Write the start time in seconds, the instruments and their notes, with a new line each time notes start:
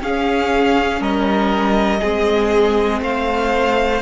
0.00 viola C#4, cello C#4, violin G#4 F5
1.00 cello G3, violin A#4 D#5
2.00 cello G#3, viola C4, violin G#4
3.01 cello A3, violin C5 F5